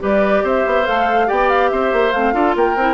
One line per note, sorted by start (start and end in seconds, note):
0.00 0.43 G3
0.00 0.85 G4
0.00 0.44 B4
0.00 0.47 D5
0.43 0.65 C4
0.43 1.28 C5
0.43 0.87 E5
0.67 0.88 B3
0.85 1.31 A3
0.85 1.27 A4
0.85 1.29 F5
1.27 1.73 B3
1.27 2.12 G4
1.27 1.71 D5
1.27 1.50 G5
1.50 1.70 F5
1.70 1.93 C4
1.70 2.35 C5
1.70 2.13 E5
1.93 2.14 A#3
2.13 2.34 A3
2.13 2.34 C4
2.13 2.55 F5
2.34 2.56 D4
2.34 2.76 F4
2.34 2.56 A4
2.56 2.76 A#3
2.56 2.95 A#4
2.56 2.95 G5
2.76 2.95 C4
2.76 2.95 E4